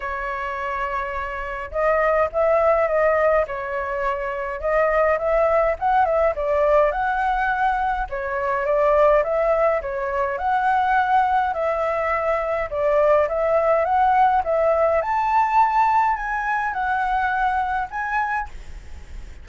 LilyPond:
\new Staff \with { instrumentName = "flute" } { \time 4/4 \tempo 4 = 104 cis''2. dis''4 | e''4 dis''4 cis''2 | dis''4 e''4 fis''8 e''8 d''4 | fis''2 cis''4 d''4 |
e''4 cis''4 fis''2 | e''2 d''4 e''4 | fis''4 e''4 a''2 | gis''4 fis''2 gis''4 | }